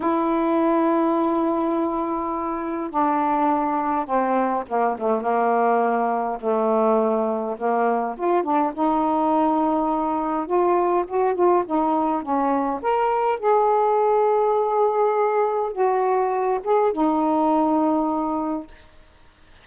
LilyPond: \new Staff \with { instrumentName = "saxophone" } { \time 4/4 \tempo 4 = 103 e'1~ | e'4 d'2 c'4 | ais8 a8 ais2 a4~ | a4 ais4 f'8 d'8 dis'4~ |
dis'2 f'4 fis'8 f'8 | dis'4 cis'4 ais'4 gis'4~ | gis'2. fis'4~ | fis'8 gis'8 dis'2. | }